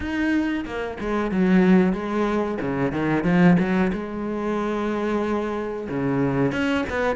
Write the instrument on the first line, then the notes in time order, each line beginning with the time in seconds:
cello
0.00 D#4
0.65 A#3
1.00 G#3
1.31 F#3
1.92 G#3
2.61 C#3
2.92 D#3
3.24 F3
3.59 F#3
3.92 G#3
5.89 C#3
6.52 C#4
6.89 B3